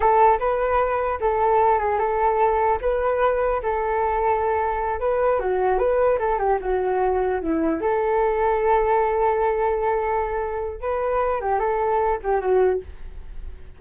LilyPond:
\new Staff \with { instrumentName = "flute" } { \time 4/4 \tempo 4 = 150 a'4 b'2 a'4~ | a'8 gis'8 a'2 b'4~ | b'4 a'2.~ | a'8 b'4 fis'4 b'4 a'8 |
g'8 fis'2 e'4 a'8~ | a'1~ | a'2. b'4~ | b'8 g'8 a'4. g'8 fis'4 | }